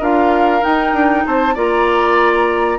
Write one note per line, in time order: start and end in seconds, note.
0.00 0.62 D4
0.00 0.61 F4
0.00 1.24 A#4
0.00 0.64 F5
0.61 1.54 D#4
0.61 0.93 D#4
0.61 1.25 G5
0.93 1.24 D4
1.26 1.56 C4
1.26 1.54 C5
1.26 1.57 A5
1.54 2.79 A#3
1.54 2.79 F4
1.54 2.78 D5
1.54 2.79 A#5